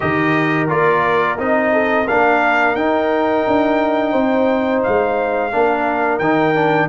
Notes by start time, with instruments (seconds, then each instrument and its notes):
0.00 tuba D#3, trombone G4, horn A#4, trumpet D#5
0.68 tuba A#3, trombone F4, trumpet D5
1.37 tuba C4, trombone D#4, trumpet D#5
1.73 horn A4
2.05 tuba A#3, trombone D4, horn A#4, trumpet F5
2.75 tuba D#4, trombone D#4, trumpet G5
3.47 tuba D4
4.12 tuba C4, horn C5
4.83 tuba G#3, trumpet F5
5.51 tuba A#3, trombone D4, horn A#4
6.18 tuba D#3, trombone D#4, trumpet G5
6.55 trombone D4